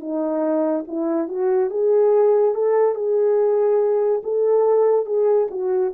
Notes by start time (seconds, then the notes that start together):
0.00 D#4
0.88 E4
1.28 F#4
1.70 G#4
2.54 A4
2.95 G#4
4.23 A4
5.06 G#4
5.50 F#4